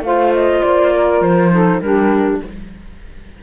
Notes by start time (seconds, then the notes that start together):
0.00 A3 F4 C5 F5
0.33 D#5
0.62 A#3 D5
0.94 A#4
1.21 F3 C5
1.50 D#4 A4
1.81 G3 D4 G4 A#4